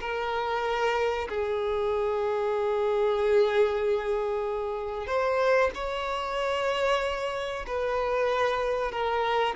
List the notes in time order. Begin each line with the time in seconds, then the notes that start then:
0.00 A#4
1.29 G#4
5.07 C5
5.74 C#5
7.67 B4
8.91 A#4